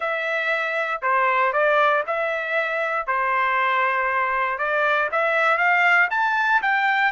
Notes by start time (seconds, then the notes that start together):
0.00 E5
1.02 C5
1.53 D5
2.06 E5
3.06 C5
4.58 D5
5.11 E5
5.57 F5
6.10 A5
6.62 G5